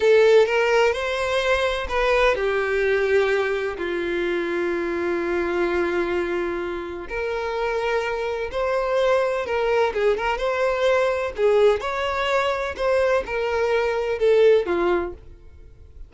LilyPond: \new Staff \with { instrumentName = "violin" } { \time 4/4 \tempo 4 = 127 a'4 ais'4 c''2 | b'4 g'2. | f'1~ | f'2. ais'4~ |
ais'2 c''2 | ais'4 gis'8 ais'8 c''2 | gis'4 cis''2 c''4 | ais'2 a'4 f'4 | }